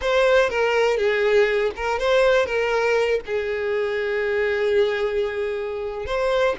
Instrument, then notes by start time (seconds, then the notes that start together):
violin
0.01 C5
0.49 A#4
0.97 G#4
1.76 A#4
1.99 C5
2.45 A#4
3.25 G#4
6.05 C5